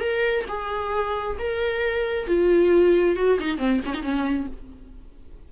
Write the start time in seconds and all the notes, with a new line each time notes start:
0.00 A#4
0.49 G#4
1.39 A#4
2.27 F4
3.16 F#4
3.40 D#4
3.58 C4
3.85 C#4
3.94 D#4
4.02 C#4